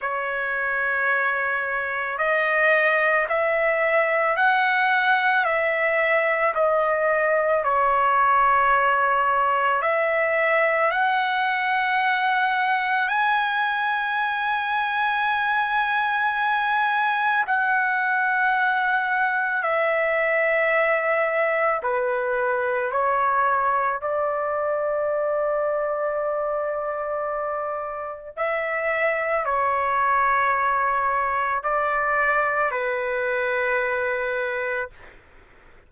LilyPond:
\new Staff \with { instrumentName = "trumpet" } { \time 4/4 \tempo 4 = 55 cis''2 dis''4 e''4 | fis''4 e''4 dis''4 cis''4~ | cis''4 e''4 fis''2 | gis''1 |
fis''2 e''2 | b'4 cis''4 d''2~ | d''2 e''4 cis''4~ | cis''4 d''4 b'2 | }